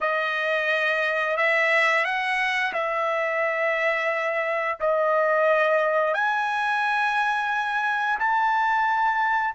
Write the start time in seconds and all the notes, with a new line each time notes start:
0.00 D#5
1.36 E5
2.05 F#5
2.73 E5
4.79 D#5
6.14 G#5
8.19 A5